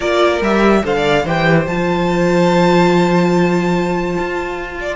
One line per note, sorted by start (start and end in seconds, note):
0.00 0.41 A#3
0.00 0.42 F4
0.00 0.80 A#4
0.00 0.41 D5
0.41 0.82 G3
0.41 0.83 G4
0.41 0.85 E5
0.83 1.24 D3
0.83 1.25 A4
0.83 0.95 C5
0.83 1.28 F5
0.96 1.24 D5
1.24 1.66 E3
1.24 1.68 G4
1.24 4.78 C5
1.24 1.66 G5
1.66 4.17 F3
1.66 4.95 F4
1.66 4.95 A5
4.18 4.95 F4
4.80 4.95 D5